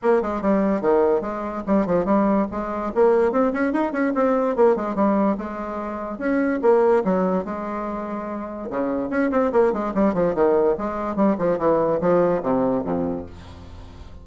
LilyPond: \new Staff \with { instrumentName = "bassoon" } { \time 4/4 \tempo 4 = 145 ais8 gis8 g4 dis4 gis4 | g8 f8 g4 gis4 ais4 | c'8 cis'8 dis'8 cis'8 c'4 ais8 gis8 | g4 gis2 cis'4 |
ais4 fis4 gis2~ | gis4 cis4 cis'8 c'8 ais8 gis8 | g8 f8 dis4 gis4 g8 f8 | e4 f4 c4 f,4 | }